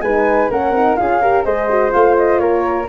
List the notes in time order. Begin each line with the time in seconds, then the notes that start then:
0.00 G#3 D#4 B4 G#5
0.50 A#3 C#4 A#4 F#5
0.71 C4 D#4
0.95 C#4 F4 G#4 F5
1.21 G4 A#4
1.43 G#3 G#4 C5 D#5
1.69 F#4
1.89 A3 F4 F5
2.17 D#5
2.38 A#3 A#4 C#5